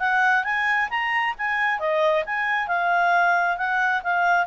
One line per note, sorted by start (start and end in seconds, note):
0.00 0.44 F#5
0.44 0.89 G#5
0.90 1.35 A#5
1.38 1.80 G#5
1.80 2.24 D#5
2.26 2.68 G#5
2.68 3.57 F5
3.57 4.02 F#5
4.03 4.47 F5